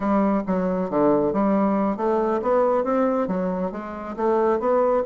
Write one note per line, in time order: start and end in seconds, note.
0.00 0.42 G3
0.47 0.90 F#3
0.90 1.33 D3
1.33 1.96 G3
1.96 2.40 A3
2.41 2.84 B3
2.84 3.27 C4
3.27 3.71 F#3
3.71 4.15 G#3
4.16 4.59 A3
4.59 5.03 B3